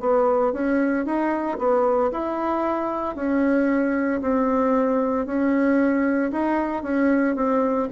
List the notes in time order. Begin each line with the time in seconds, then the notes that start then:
0.00 B3
0.53 C#4
1.05 D#4
1.58 B3
2.11 E4
3.15 C#4
4.21 C4
5.26 C#4
6.32 D#4
6.83 C#4
7.35 C4